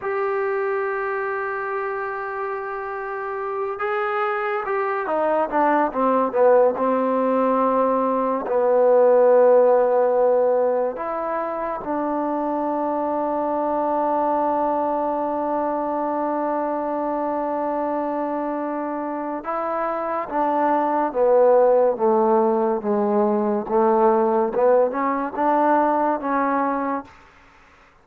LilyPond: \new Staff \with { instrumentName = "trombone" } { \time 4/4 \tempo 4 = 71 g'1~ | g'8 gis'4 g'8 dis'8 d'8 c'8 b8 | c'2 b2~ | b4 e'4 d'2~ |
d'1~ | d'2. e'4 | d'4 b4 a4 gis4 | a4 b8 cis'8 d'4 cis'4 | }